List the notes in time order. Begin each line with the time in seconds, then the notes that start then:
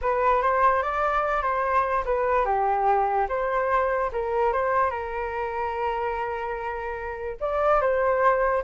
0.01 B4
0.42 C5
0.82 D5
1.42 C5
2.05 B4
2.45 G4
3.28 C5
4.12 A#4
4.52 C5
4.90 A#4
7.40 D5
7.81 C5